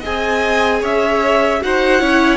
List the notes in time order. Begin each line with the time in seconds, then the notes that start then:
0.00 G#4 D#5 G#5
0.06 C4
0.81 C#4 C#5 E5
1.61 D#4 F#4 C5 F#5
2.00 C#4 E4 C#5